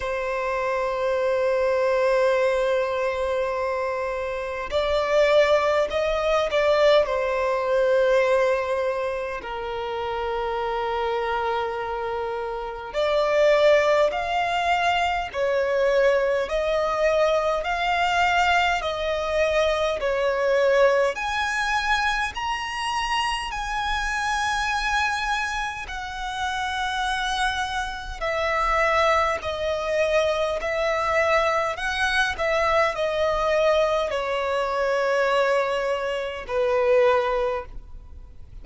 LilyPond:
\new Staff \with { instrumentName = "violin" } { \time 4/4 \tempo 4 = 51 c''1 | d''4 dis''8 d''8 c''2 | ais'2. d''4 | f''4 cis''4 dis''4 f''4 |
dis''4 cis''4 gis''4 ais''4 | gis''2 fis''2 | e''4 dis''4 e''4 fis''8 e''8 | dis''4 cis''2 b'4 | }